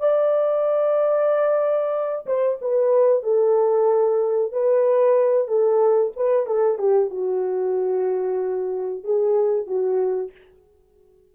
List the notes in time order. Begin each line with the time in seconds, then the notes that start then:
0.00 D5
2.26 C5
2.62 B4
3.23 A4
4.52 B4
5.48 A4
6.16 B4
6.46 A4
6.78 G4
7.11 F#4
9.04 G#4
9.67 F#4